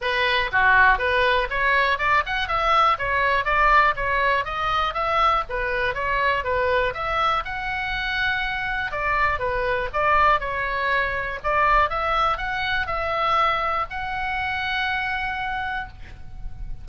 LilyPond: \new Staff \with { instrumentName = "oboe" } { \time 4/4 \tempo 4 = 121 b'4 fis'4 b'4 cis''4 | d''8 fis''8 e''4 cis''4 d''4 | cis''4 dis''4 e''4 b'4 | cis''4 b'4 e''4 fis''4~ |
fis''2 d''4 b'4 | d''4 cis''2 d''4 | e''4 fis''4 e''2 | fis''1 | }